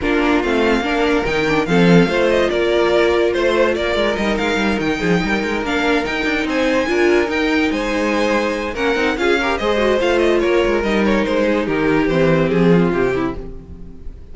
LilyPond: <<
  \new Staff \with { instrumentName = "violin" } { \time 4/4 \tempo 4 = 144 ais'4 f''2 g''4 | f''4. dis''8 d''2 | c''4 d''4 dis''8 f''4 g''8~ | g''4. f''4 g''4 gis''8~ |
gis''4. g''4 gis''4.~ | gis''4 fis''4 f''4 dis''4 | f''8 dis''8 cis''4 dis''8 cis''8 c''4 | ais'4 c''4 gis'4 g'4 | }
  \new Staff \with { instrumentName = "violin" } { \time 4/4 f'2 ais'2 | a'4 c''4 ais'2 | c''4 ais'2. | gis'8 ais'2. c''8~ |
c''8 ais'2 c''4.~ | c''4 ais'4 gis'8 ais'8 c''4~ | c''4 ais'2~ ais'8 gis'8 | g'2~ g'8 f'4 e'8 | }
  \new Staff \with { instrumentName = "viola" } { \time 4/4 d'4 c'4 d'4 dis'8 d'8 | c'4 f'2.~ | f'2 dis'2~ | dis'4. d'4 dis'4.~ |
dis'8 f'4 dis'2~ dis'8~ | dis'4 cis'8 dis'8 f'8 g'8 gis'8 fis'8 | f'2 dis'2~ | dis'4 c'2. | }
  \new Staff \with { instrumentName = "cello" } { \time 4/4 ais4 a4 ais4 dis4 | f4 a4 ais2 | a4 ais8 gis8 g8 gis8 g8 dis8 | f8 g8 gis8 ais4 dis'8 d'8 c'8~ |
c'8 d'4 dis'4 gis4.~ | gis4 ais8 c'8 cis'4 gis4 | a4 ais8 gis8 g4 gis4 | dis4 e4 f4 c4 | }
>>